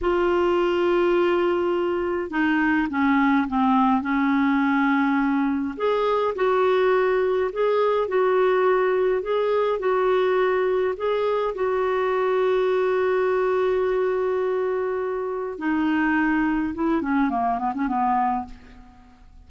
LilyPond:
\new Staff \with { instrumentName = "clarinet" } { \time 4/4 \tempo 4 = 104 f'1 | dis'4 cis'4 c'4 cis'4~ | cis'2 gis'4 fis'4~ | fis'4 gis'4 fis'2 |
gis'4 fis'2 gis'4 | fis'1~ | fis'2. dis'4~ | dis'4 e'8 cis'8 ais8 b16 cis'16 b4 | }